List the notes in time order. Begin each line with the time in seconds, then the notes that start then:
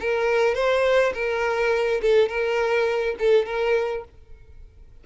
0.00 A#4
0.55 C5
1.14 A#4
2.02 A4
2.28 A#4
3.19 A4
3.46 A#4